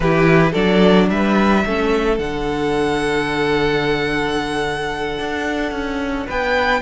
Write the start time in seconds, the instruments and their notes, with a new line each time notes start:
0.00 cello E3, viola E4, violin G4 B4
0.51 cello F#3, viola D4, violin A4 D5
1.09 cello G3, violin B4 E5
1.65 cello A3, viola C#4, violin A4
2.18 cello D3, viola D4, violin F#5
5.19 cello D4
5.71 cello C#4
6.26 cello B3, violin B4 G5